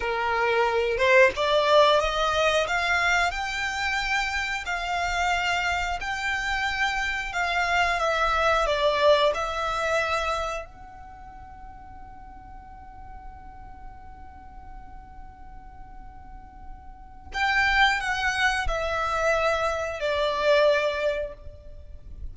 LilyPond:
\new Staff \with { instrumentName = "violin" } { \time 4/4 \tempo 4 = 90 ais'4. c''8 d''4 dis''4 | f''4 g''2 f''4~ | f''4 g''2 f''4 | e''4 d''4 e''2 |
fis''1~ | fis''1~ | fis''2 g''4 fis''4 | e''2 d''2 | }